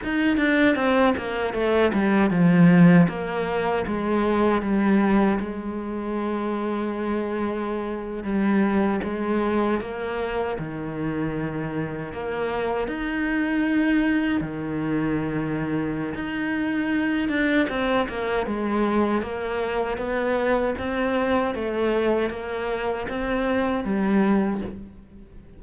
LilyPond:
\new Staff \with { instrumentName = "cello" } { \time 4/4 \tempo 4 = 78 dis'8 d'8 c'8 ais8 a8 g8 f4 | ais4 gis4 g4 gis4~ | gis2~ gis8. g4 gis16~ | gis8. ais4 dis2 ais16~ |
ais8. dis'2 dis4~ dis16~ | dis4 dis'4. d'8 c'8 ais8 | gis4 ais4 b4 c'4 | a4 ais4 c'4 g4 | }